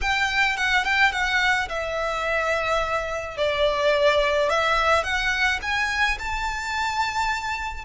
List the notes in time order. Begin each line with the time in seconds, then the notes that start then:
0.01 G5
0.57 F#5
0.84 G5
1.12 F#5
1.68 E5
3.37 D5
4.49 E5
5.03 F#5
5.62 G#5
6.18 A5